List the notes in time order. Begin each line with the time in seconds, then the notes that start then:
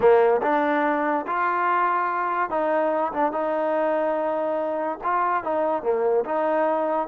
0.00 A#3
0.42 D4
1.26 F4
2.50 D#4
3.12 D4
3.32 D#4
5.03 F4
5.43 D#4
5.82 A#3
6.24 D#4